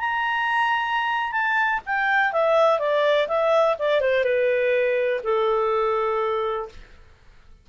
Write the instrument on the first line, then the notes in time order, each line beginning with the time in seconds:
clarinet
0.00 A#5
1.32 A5
1.86 G5
2.33 E5
2.80 D5
3.28 E5
3.79 D5
4.01 C5
4.24 B4
5.24 A4